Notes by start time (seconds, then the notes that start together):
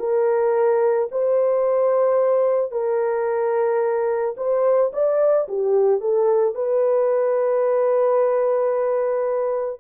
0.00 A#4
1.12 C5
2.72 A#4
4.37 C5
4.93 D5
5.49 G4
6.01 A4
6.55 B4